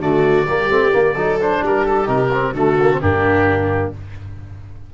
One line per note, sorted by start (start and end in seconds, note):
0.00 0.46 D3
0.00 0.47 A3
0.00 0.47 F#4
0.00 1.40 D5
0.47 0.70 G3
0.47 0.70 A#3
0.47 1.14 G4
0.70 0.93 A3
0.70 0.92 C4
0.92 1.15 A#3
1.14 1.62 F#3
1.14 1.40 D#4
1.14 1.60 A4
1.40 2.05 D4
1.40 1.64 C5
1.63 2.08 G3
1.63 2.54 G4
1.63 1.86 A#4
1.86 2.07 A4
2.05 2.53 C3
2.05 2.29 D#4
2.05 2.54 A#4
2.33 2.55 C4
2.53 2.99 D3
2.53 2.78 A3
2.53 3.00 F#4
2.53 3.01 A4
2.81 2.92 A#3
2.92 3.01 C4
3.01 3.94 G2
3.01 3.94 A#3
3.01 3.94 D4
3.01 3.93 G4